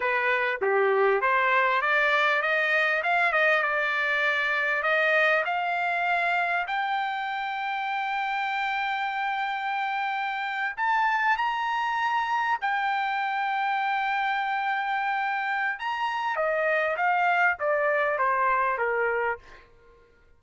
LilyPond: \new Staff \with { instrumentName = "trumpet" } { \time 4/4 \tempo 4 = 99 b'4 g'4 c''4 d''4 | dis''4 f''8 dis''8 d''2 | dis''4 f''2 g''4~ | g''1~ |
g''4.~ g''16 a''4 ais''4~ ais''16~ | ais''8. g''2.~ g''16~ | g''2 ais''4 dis''4 | f''4 d''4 c''4 ais'4 | }